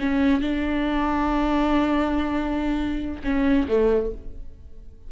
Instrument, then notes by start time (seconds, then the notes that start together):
viola
0.00 C#4
0.41 D4
3.24 C#4
3.68 A3